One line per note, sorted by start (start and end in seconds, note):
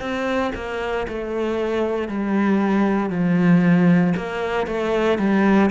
0.00 0.52 C4
0.55 1.07 A#3
1.08 2.09 A3
2.09 3.10 G3
3.10 4.14 F3
4.17 4.67 A#3
4.67 5.19 A3
5.19 5.70 G3